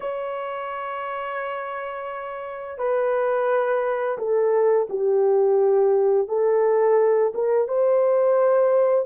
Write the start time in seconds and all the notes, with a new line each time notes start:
0.00 C#5
2.77 B4
4.18 A4
4.89 G4
6.28 A4
7.34 A#4
7.67 C5